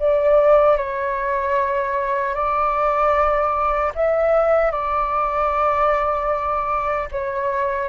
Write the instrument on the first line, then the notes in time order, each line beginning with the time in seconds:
flute
0.00 D5
0.78 C#5
2.35 D5
3.95 E5
4.72 D5
7.12 C#5